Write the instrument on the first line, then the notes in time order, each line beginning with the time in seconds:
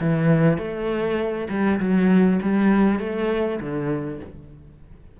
cello
0.00 E3
0.58 A3
1.49 G3
1.80 F#3
2.42 G3
2.99 A3
3.60 D3